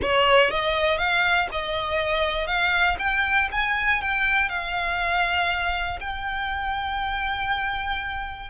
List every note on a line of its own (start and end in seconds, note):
0.01 0.50 C#5
0.50 0.97 D#5
0.97 1.47 F5
1.51 2.46 D#5
2.46 2.96 F5
2.98 3.48 G5
3.51 4.01 G#5
4.01 4.49 G5
4.49 5.99 F5
6.00 8.49 G5